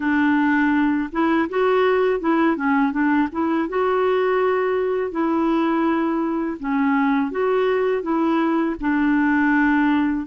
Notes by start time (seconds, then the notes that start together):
0.00 D4
1.12 E4
1.49 F#4
2.20 E4
2.56 C#4
2.91 D4
3.32 E4
3.69 F#4
5.11 E4
6.59 C#4
7.31 F#4
8.02 E4
8.80 D4